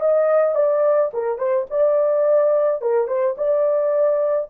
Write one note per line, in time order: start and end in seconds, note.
0.00 0.55 D#5
0.55 1.11 D5
1.13 1.38 A#4
1.38 1.66 C5
1.70 2.81 D5
2.81 3.07 A#4
3.07 3.35 C5
3.37 4.49 D5